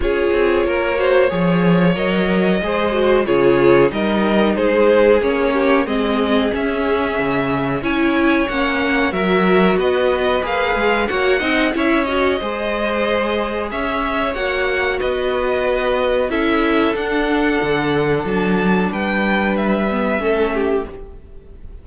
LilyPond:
<<
  \new Staff \with { instrumentName = "violin" } { \time 4/4 \tempo 4 = 92 cis''2. dis''4~ | dis''4 cis''4 dis''4 c''4 | cis''4 dis''4 e''2 | gis''4 fis''4 e''4 dis''4 |
f''4 fis''4 e''8 dis''4.~ | dis''4 e''4 fis''4 dis''4~ | dis''4 e''4 fis''2 | a''4 g''4 e''2 | }
  \new Staff \with { instrumentName = "violin" } { \time 4/4 gis'4 ais'8 c''8 cis''2 | c''4 gis'4 ais'4 gis'4~ | gis'8 g'8 gis'2. | cis''2 ais'4 b'4~ |
b'4 cis''8 dis''8 cis''4 c''4~ | c''4 cis''2 b'4~ | b'4 a'2.~ | a'4 b'2 a'8 g'8 | }
  \new Staff \with { instrumentName = "viola" } { \time 4/4 f'4. fis'8 gis'4 ais'4 | gis'8 fis'8 f'4 dis'2 | cis'4 c'4 cis'2 | e'4 cis'4 fis'2 |
gis'4 fis'8 dis'8 e'8 fis'8 gis'4~ | gis'2 fis'2~ | fis'4 e'4 d'2~ | d'2~ d'8 b8 cis'4 | }
  \new Staff \with { instrumentName = "cello" } { \time 4/4 cis'8 c'8 ais4 f4 fis4 | gis4 cis4 g4 gis4 | ais4 gis4 cis'4 cis4 | cis'4 ais4 fis4 b4 |
ais8 gis8 ais8 c'8 cis'4 gis4~ | gis4 cis'4 ais4 b4~ | b4 cis'4 d'4 d4 | fis4 g2 a4 | }
>>